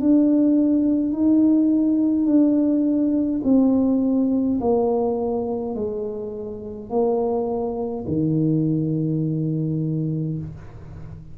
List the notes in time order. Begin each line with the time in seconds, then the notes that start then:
0.00 D4
1.12 D#4
2.25 D4
3.44 C4
4.60 A#3
5.75 G#3
6.89 A#3
8.07 D#3